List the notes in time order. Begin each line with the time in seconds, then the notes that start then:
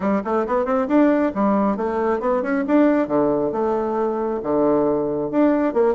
0.00 G3
0.24 A3
0.46 B3
0.65 C4
0.87 D4
1.34 G3
1.76 A3
2.20 B3
2.42 C#4
2.67 D4
3.07 D3
3.52 A3
4.43 D3
5.30 D4
5.73 A#3